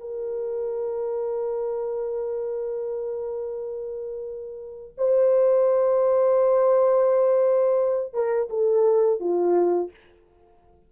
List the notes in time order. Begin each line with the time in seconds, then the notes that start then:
0.00 A#4
4.97 C5
8.13 A#4
8.50 A4
9.20 F4